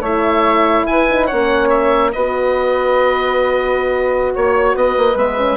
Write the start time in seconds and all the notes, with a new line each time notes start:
0.00 A3 E4 C#5 E5
0.86 E4 B4 G#5
1.09 D#4
1.26 A#3 C#4 C#5 F#5
1.69 E5
2.12 B3 F#4 B4 D#5
4.34 A#3 C#5
4.74 B3 B4 D#5
4.97 A#3
5.15 G#3 B3 E5
5.37 C#4